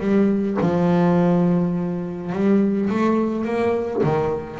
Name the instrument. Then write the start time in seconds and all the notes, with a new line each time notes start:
double bass
0.00 G3
0.61 F3
2.32 G3
2.89 A3
3.45 A#3
4.03 D#3